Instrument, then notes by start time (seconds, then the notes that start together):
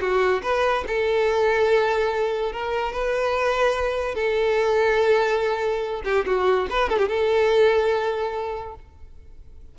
violin
0.00 F#4
0.42 B4
0.87 A4
2.52 A#4
2.92 B4
4.14 A4
6.04 G4
6.26 F#4
6.70 B4
6.89 A4
6.98 G4
7.08 A4